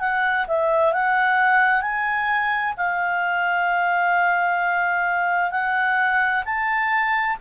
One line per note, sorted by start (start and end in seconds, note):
0.00 0.46 F#5
0.47 0.93 E5
0.93 1.82 F#5
1.82 2.74 G#5
2.77 5.51 F5
5.51 6.44 F#5
6.45 7.37 A5